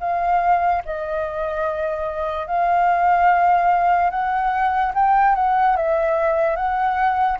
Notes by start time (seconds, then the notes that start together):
0.00 F5
0.86 D#5
2.47 F5
4.11 F#5
4.95 G5
5.35 F#5
5.76 E5
6.56 F#5